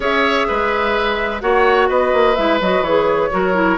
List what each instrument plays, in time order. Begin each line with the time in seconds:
0.00 bassoon C#4, clarinet G#4, oboe C#5, flute E5
0.47 bassoon G#3, oboe B4
1.40 bassoon A#3, clarinet F#4, oboe C#5, flute F#5
1.88 bassoon B3, oboe B4, flute D#5
2.12 bassoon A#3
2.35 bassoon G#3, clarinet E4, flute E5
2.60 bassoon F#3, clarinet F#4, flute D#5
2.81 bassoon E3, clarinet G#4, flute C#5
3.30 bassoon F#3, clarinet F#4, oboe A#4
3.54 clarinet E4